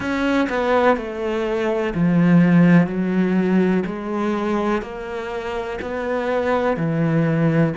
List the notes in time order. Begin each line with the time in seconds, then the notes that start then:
0.00 C#4
0.49 B3
0.96 A3
1.94 F3
2.86 F#3
3.86 G#3
4.81 A#3
5.81 B3
6.76 E3